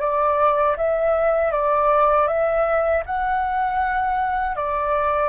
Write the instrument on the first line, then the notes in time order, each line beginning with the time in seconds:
flute
0.00 D5
0.77 E5
1.51 D5
2.27 E5
3.05 F#5
4.55 D5